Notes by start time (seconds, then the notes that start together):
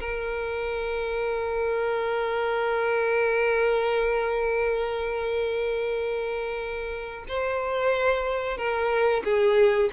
0.00 A#4
7.28 C5
8.58 A#4
9.24 G#4